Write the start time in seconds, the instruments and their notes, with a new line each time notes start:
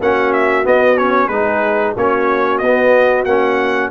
0.00 tuba A#3, trombone C#4, horn F#4, trumpet F#5
0.33 trumpet E5
0.64 trombone B3, tuba B3, trumpet D#5
0.98 trombone C#4, trumpet C#5
1.28 tuba G#3, trombone D#4, horn G#4, trumpet B4
1.97 tuba A#3, trombone C#4, horn F#4, trumpet C#5
2.58 tuba B3, trumpet D#5
2.65 trombone B3
3.25 tuba A#3, trombone C#4, trumpet F#5